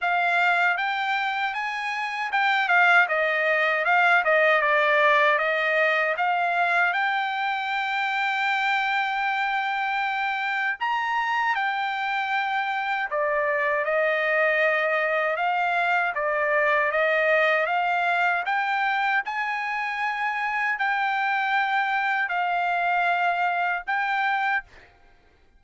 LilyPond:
\new Staff \with { instrumentName = "trumpet" } { \time 4/4 \tempo 4 = 78 f''4 g''4 gis''4 g''8 f''8 | dis''4 f''8 dis''8 d''4 dis''4 | f''4 g''2.~ | g''2 ais''4 g''4~ |
g''4 d''4 dis''2 | f''4 d''4 dis''4 f''4 | g''4 gis''2 g''4~ | g''4 f''2 g''4 | }